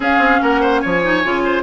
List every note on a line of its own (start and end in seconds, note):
0.00 0.18 C#4
0.00 1.01 C#4
0.00 0.41 G#4
0.00 0.42 F5
0.18 0.38 C4
0.41 0.83 A#3
0.41 0.60 A#4
0.41 0.80 F#5
0.60 0.81 C5
0.80 1.24 F3
0.80 1.43 C#5
0.80 1.61 G#5
1.03 1.23 D#4
1.23 1.62 C#3
1.23 1.62 F4
1.44 1.62 C5